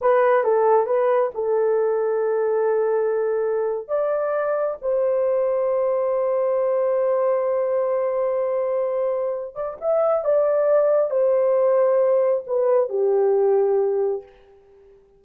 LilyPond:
\new Staff \with { instrumentName = "horn" } { \time 4/4 \tempo 4 = 135 b'4 a'4 b'4 a'4~ | a'1~ | a'8. d''2 c''4~ c''16~ | c''1~ |
c''1~ | c''4. d''8 e''4 d''4~ | d''4 c''2. | b'4 g'2. | }